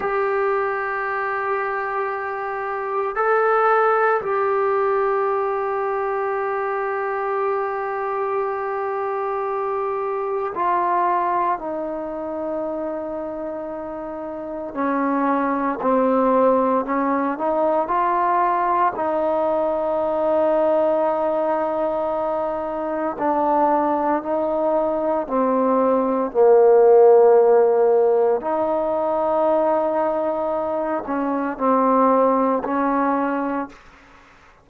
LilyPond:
\new Staff \with { instrumentName = "trombone" } { \time 4/4 \tempo 4 = 57 g'2. a'4 | g'1~ | g'2 f'4 dis'4~ | dis'2 cis'4 c'4 |
cis'8 dis'8 f'4 dis'2~ | dis'2 d'4 dis'4 | c'4 ais2 dis'4~ | dis'4. cis'8 c'4 cis'4 | }